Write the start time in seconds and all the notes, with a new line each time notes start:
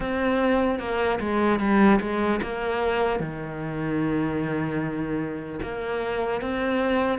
0.00 C4
0.79 A#3
1.20 G#3
1.59 G3
2.00 G#3
2.42 A#3
3.19 D#3
5.62 A#3
6.41 C4